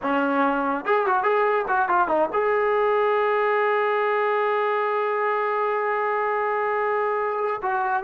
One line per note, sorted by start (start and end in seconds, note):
0.02 0.85 C#4
0.85 1.06 G#4
1.06 1.23 F#4
1.23 1.65 G#4
1.67 1.88 F#4
1.88 2.08 F4
2.08 2.29 D#4
2.32 7.61 G#4
7.62 8.03 F#4